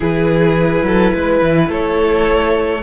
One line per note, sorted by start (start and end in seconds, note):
0.00 0.82 E3
0.00 2.81 E4
0.00 0.85 G#4
0.00 1.71 B4
0.82 1.10 F#3
0.82 1.13 A4
1.13 1.41 G#3
1.13 1.69 B4
1.41 1.69 E3
1.69 2.82 A3
1.69 2.82 A4
1.69 2.82 C#5